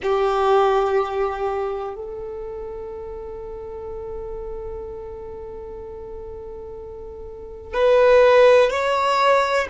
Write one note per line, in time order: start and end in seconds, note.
0.02 1.95 G4
1.95 7.73 A4
7.73 8.70 B4
8.70 9.67 C#5